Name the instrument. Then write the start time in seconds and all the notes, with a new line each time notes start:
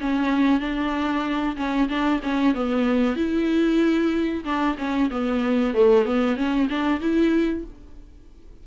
viola
0.00 C#4
0.60 D4
1.56 C#4
1.88 D4
2.23 C#4
2.54 B3
3.16 E4
4.44 D4
4.78 C#4
5.10 B3
5.73 A3
6.05 B3
6.36 C#4
6.69 D4
7.00 E4